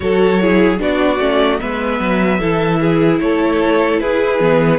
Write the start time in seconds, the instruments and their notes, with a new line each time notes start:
0.00 cello F#3, viola F#4, violin A4 C#5
0.41 viola E4, violin G#4
0.78 cello B3, viola D4, violin F#4 D5
1.19 cello A3, viola C#4
1.59 cello G#3, viola B3, violin B4 E5
2.00 cello F#3
2.39 cello E3, viola E4, violin A4
2.80 violin G#4
3.20 cello A3, violin A4 C#5
4.00 cello E4, violin G#4 B4
4.39 cello E3, viola B3